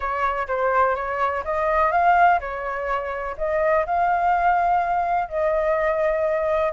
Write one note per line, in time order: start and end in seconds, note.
0.00 0.47 C#5
0.47 0.95 C5
0.95 1.43 C#5
1.44 1.91 D#5
1.91 2.39 F5
2.40 3.36 C#5
3.37 3.85 D#5
3.86 5.28 F5
5.28 6.72 D#5